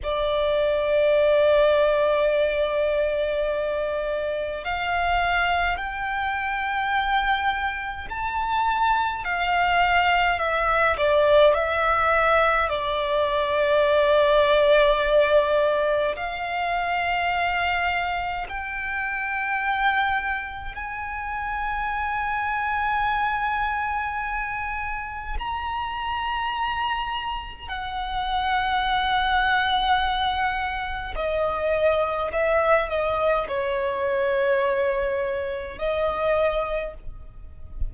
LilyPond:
\new Staff \with { instrumentName = "violin" } { \time 4/4 \tempo 4 = 52 d''1 | f''4 g''2 a''4 | f''4 e''8 d''8 e''4 d''4~ | d''2 f''2 |
g''2 gis''2~ | gis''2 ais''2 | fis''2. dis''4 | e''8 dis''8 cis''2 dis''4 | }